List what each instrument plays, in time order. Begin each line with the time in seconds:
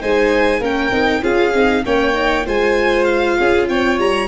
0.00 tuba G#3, viola D#4, violin C5 G#5
0.60 tuba A#3, viola C#4, violin A#4 G5
0.90 tuba C4, viola D#4
1.22 tuba C#4, viola F4, violin G#4 F5
1.53 tuba C4, viola D#4
1.85 tuba A#3, viola C#4, violin C#5 G5
2.13 viola D#4
2.45 tuba G#3, viola F4, violin C5 G#5
3.04 violin F5
3.38 tuba C#4, violin G#4
3.68 tuba C4, violin C#5 G5
3.98 tuba G3, violin A#5